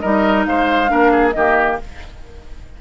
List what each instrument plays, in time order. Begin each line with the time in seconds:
0.00 bassoon G3, clarinet D#4, oboe A#4, flute D#5
0.45 bassoon G#3, oboe C5, flute F5
0.87 bassoon A#3, clarinet D4, oboe A#4
1.11 oboe G#4
1.31 bassoon D#3, clarinet A#3, oboe G4, flute D#5